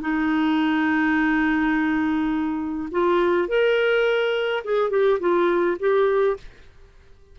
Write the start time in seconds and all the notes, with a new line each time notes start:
0.00 D#4
2.91 F4
3.48 A#4
4.64 G#4
4.90 G4
5.19 F4
5.79 G4